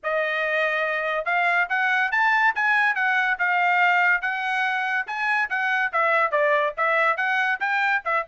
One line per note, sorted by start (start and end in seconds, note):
0.03 1.25 D#5
1.25 1.67 F5
1.69 2.11 F#5
2.11 2.54 A5
2.55 2.95 G#5
2.95 3.37 F#5
3.38 4.21 F5
4.21 5.06 F#5
5.06 5.49 G#5
5.49 5.92 F#5
5.92 6.31 E5
6.31 6.73 D5
6.77 7.17 E5
7.17 7.59 F#5
7.60 8.02 G5
8.04 8.25 E5